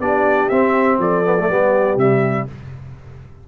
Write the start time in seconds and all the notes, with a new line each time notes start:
0.00 B3 D4 G4 D5
0.49 C4 E5
0.99 F3 A4 D5
1.25 B3
1.40 A3
1.48 G3 B3 G4
1.96 C3 G3 E5